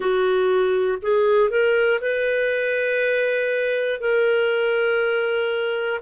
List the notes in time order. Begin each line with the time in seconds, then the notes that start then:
0.00 F#4
1.02 G#4
1.50 A#4
2.00 B4
4.00 A#4